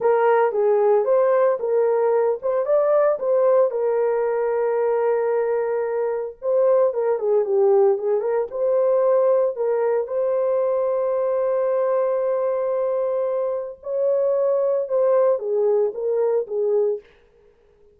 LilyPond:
\new Staff \with { instrumentName = "horn" } { \time 4/4 \tempo 4 = 113 ais'4 gis'4 c''4 ais'4~ | ais'8 c''8 d''4 c''4 ais'4~ | ais'1 | c''4 ais'8 gis'8 g'4 gis'8 ais'8 |
c''2 ais'4 c''4~ | c''1~ | c''2 cis''2 | c''4 gis'4 ais'4 gis'4 | }